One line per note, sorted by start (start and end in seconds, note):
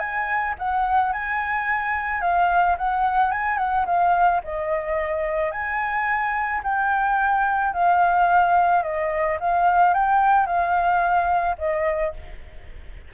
0.00 0.55 G#5
0.59 1.13 F#5
1.13 2.21 G#5
2.21 2.76 F5
2.78 3.32 F#5
3.32 3.58 G#5
3.58 3.86 F#5
3.86 4.41 F5
4.44 5.52 D#5
5.52 6.62 G#5
6.64 7.74 G5
7.74 8.83 F5
8.83 9.38 D#5
9.41 9.94 F5
9.94 10.46 G5
10.46 11.56 F5
11.59 12.14 D#5